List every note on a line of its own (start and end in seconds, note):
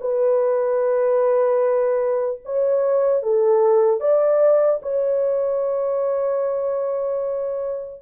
0.00 2.40 B4
2.45 3.22 C#5
3.22 4.00 A4
4.00 4.80 D5
4.82 8.01 C#5